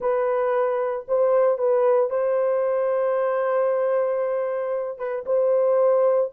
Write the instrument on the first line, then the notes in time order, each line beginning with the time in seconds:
horn
0.00 B4
1.07 C5
1.58 B4
2.10 C5
4.98 B4
5.25 C5